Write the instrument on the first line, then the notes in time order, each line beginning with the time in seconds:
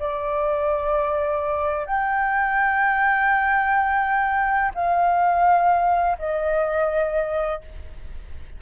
flute
0.00 D5
1.87 G5
4.75 F5
6.19 D#5